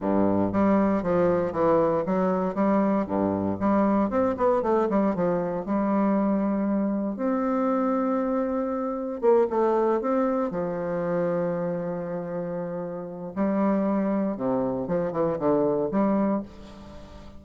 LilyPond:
\new Staff \with { instrumentName = "bassoon" } { \time 4/4 \tempo 4 = 117 g,4 g4 f4 e4 | fis4 g4 g,4 g4 | c'8 b8 a8 g8 f4 g4~ | g2 c'2~ |
c'2 ais8 a4 c'8~ | c'8 f2.~ f8~ | f2 g2 | c4 f8 e8 d4 g4 | }